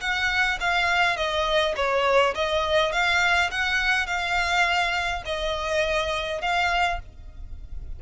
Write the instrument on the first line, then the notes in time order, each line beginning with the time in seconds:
violin
0.00 F#5
0.60 F5
1.16 D#5
1.76 C#5
2.35 D#5
2.92 F5
3.50 F#5
4.06 F5
5.25 D#5
6.41 F5